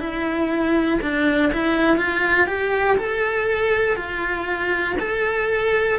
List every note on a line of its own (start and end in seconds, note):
0.00 1.00 E4
1.02 1.52 D4
1.53 1.97 E4
1.97 2.47 F4
2.47 2.97 G4
2.98 3.96 A4
3.96 4.96 F4
5.00 5.99 A4